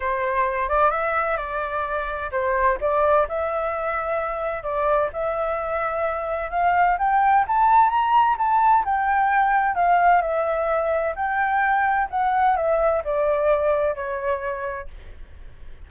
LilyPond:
\new Staff \with { instrumentName = "flute" } { \time 4/4 \tempo 4 = 129 c''4. d''8 e''4 d''4~ | d''4 c''4 d''4 e''4~ | e''2 d''4 e''4~ | e''2 f''4 g''4 |
a''4 ais''4 a''4 g''4~ | g''4 f''4 e''2 | g''2 fis''4 e''4 | d''2 cis''2 | }